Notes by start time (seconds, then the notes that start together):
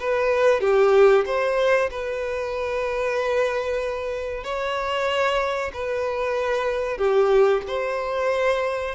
0.00 B4
0.61 G4
1.26 C5
1.91 B4
4.44 C#5
5.74 B4
6.98 G4
7.68 C5